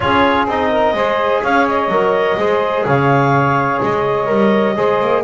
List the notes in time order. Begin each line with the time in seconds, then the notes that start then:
0.00 C#4 F4 G#4 C#5
0.46 C4 D#4 D#5
0.70 A#4
0.93 G#3 G#4 C5
1.42 C#4 C#5 F5
1.68 D#5
1.87 F#3 A#4
2.37 G#3 G#4 C5
2.85 C#3 C#5 F5
3.82 G#3 D#5
4.26 G3 A#4
4.75 G#3 G#4 C5
5.00 A#3